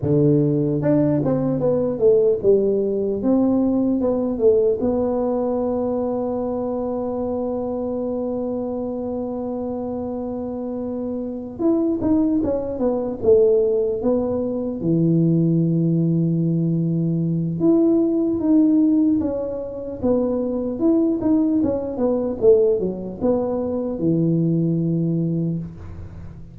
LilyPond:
\new Staff \with { instrumentName = "tuba" } { \time 4/4 \tempo 4 = 75 d4 d'8 c'8 b8 a8 g4 | c'4 b8 a8 b2~ | b1~ | b2~ b8 e'8 dis'8 cis'8 |
b8 a4 b4 e4.~ | e2 e'4 dis'4 | cis'4 b4 e'8 dis'8 cis'8 b8 | a8 fis8 b4 e2 | }